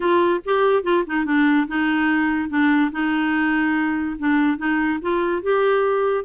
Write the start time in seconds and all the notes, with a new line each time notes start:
0.00 F4
0.45 G4
0.83 F4
1.06 D#4
1.25 D4
1.67 D#4
2.49 D4
2.91 D#4
4.19 D4
4.57 D#4
5.01 F4
5.42 G4